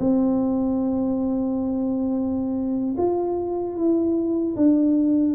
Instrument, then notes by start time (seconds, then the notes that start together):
tuba
0.00 C4
2.98 F4
3.76 E4
4.56 D4